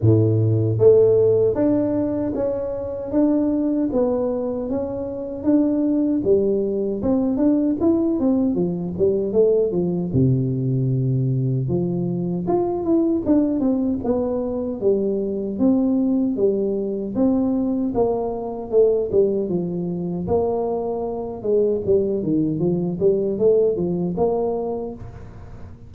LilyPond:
\new Staff \with { instrumentName = "tuba" } { \time 4/4 \tempo 4 = 77 a,4 a4 d'4 cis'4 | d'4 b4 cis'4 d'4 | g4 c'8 d'8 e'8 c'8 f8 g8 | a8 f8 c2 f4 |
f'8 e'8 d'8 c'8 b4 g4 | c'4 g4 c'4 ais4 | a8 g8 f4 ais4. gis8 | g8 dis8 f8 g8 a8 f8 ais4 | }